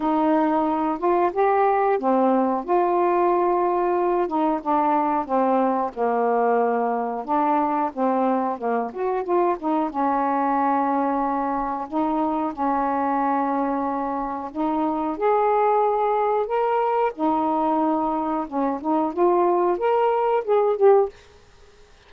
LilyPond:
\new Staff \with { instrumentName = "saxophone" } { \time 4/4 \tempo 4 = 91 dis'4. f'8 g'4 c'4 | f'2~ f'8 dis'8 d'4 | c'4 ais2 d'4 | c'4 ais8 fis'8 f'8 dis'8 cis'4~ |
cis'2 dis'4 cis'4~ | cis'2 dis'4 gis'4~ | gis'4 ais'4 dis'2 | cis'8 dis'8 f'4 ais'4 gis'8 g'8 | }